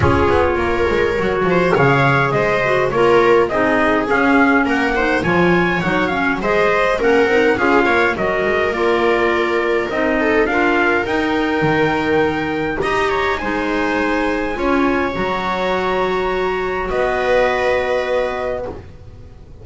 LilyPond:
<<
  \new Staff \with { instrumentName = "trumpet" } { \time 4/4 \tempo 4 = 103 cis''2. f''4 | dis''4 cis''4 dis''4 f''4 | fis''4 gis''4 fis''8 f''8 dis''4 | fis''4 f''4 dis''4 d''4~ |
d''4 dis''4 f''4 g''4~ | g''2 ais''4 gis''4~ | gis''2 ais''2~ | ais''4 dis''2. | }
  \new Staff \with { instrumentName = "viola" } { \time 4/4 gis'4 ais'4. c''8 cis''4 | c''4 ais'4 gis'2 | ais'8 c''8 cis''2 c''4 | ais'4 gis'8 cis''8 ais'2~ |
ais'4. a'8 ais'2~ | ais'2 dis''8 cis''8 c''4~ | c''4 cis''2.~ | cis''4 b'2. | }
  \new Staff \with { instrumentName = "clarinet" } { \time 4/4 f'2 fis'4 gis'4~ | gis'8 fis'8 f'4 dis'4 cis'4~ | cis'8 dis'8 f'4 dis'8 cis'8 gis'4 | cis'8 dis'8 f'4 fis'4 f'4~ |
f'4 dis'4 f'4 dis'4~ | dis'2 g'4 dis'4~ | dis'4 f'4 fis'2~ | fis'1 | }
  \new Staff \with { instrumentName = "double bass" } { \time 4/4 cis'8 b8 ais8 gis8 fis8 f8 cis4 | gis4 ais4 c'4 cis'4 | ais4 f4 fis4 gis4 | ais8 c'8 cis'8 ais8 fis8 gis8 ais4~ |
ais4 c'4 d'4 dis'4 | dis2 dis'4 gis4~ | gis4 cis'4 fis2~ | fis4 b2. | }
>>